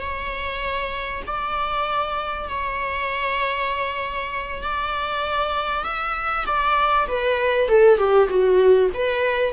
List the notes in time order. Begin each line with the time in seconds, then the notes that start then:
0.00 C#5
1.27 D5
2.49 C#5
4.63 D5
5.84 E5
6.46 D5
7.07 B4
7.69 A4
7.98 G4
8.29 F#4
8.94 B4